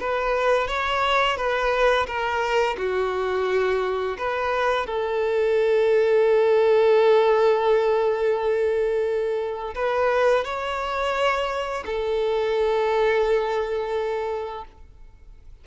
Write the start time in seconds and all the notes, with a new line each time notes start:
0.00 B4
0.68 C#5
1.37 B4
2.07 A#4
2.77 F#4
4.18 B4
4.86 A4
9.75 B4
10.44 C#5
11.86 A4